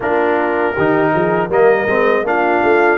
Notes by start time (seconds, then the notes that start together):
0.00 A#3 D4 F4 A#4
0.74 D#3 D#4 G4
1.14 F3 G#4
1.47 G3 A#3 A#4 D#5
1.87 G#3 C4
2.23 A#3 D4 F4 F5
2.63 A3